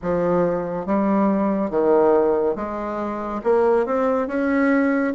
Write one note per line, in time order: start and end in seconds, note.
0.02 0.86 F3
0.86 1.70 G3
1.70 2.55 D#3
2.55 3.41 G#3
3.43 3.86 A#3
3.86 4.27 C4
4.27 5.13 C#4